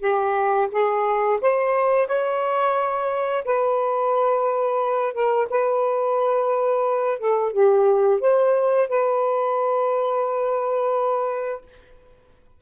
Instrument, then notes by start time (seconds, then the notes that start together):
saxophone
0.00 G4
0.71 G#4
1.41 C5
2.07 C#5
3.45 B4
5.14 A#4
5.50 B4
7.19 A4
7.52 G4
8.20 C5
8.89 B4